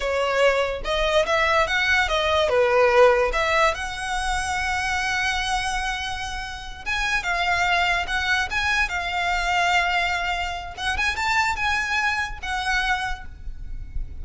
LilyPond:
\new Staff \with { instrumentName = "violin" } { \time 4/4 \tempo 4 = 145 cis''2 dis''4 e''4 | fis''4 dis''4 b'2 | e''4 fis''2.~ | fis''1~ |
fis''8 gis''4 f''2 fis''8~ | fis''8 gis''4 f''2~ f''8~ | f''2 fis''8 gis''8 a''4 | gis''2 fis''2 | }